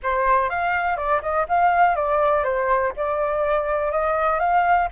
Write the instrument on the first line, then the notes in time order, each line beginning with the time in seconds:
flute
0.02 C5
0.49 F5
0.96 D5
1.22 D#5
1.48 F5
1.95 D5
2.43 C5
2.96 D5
3.91 D#5
4.39 F5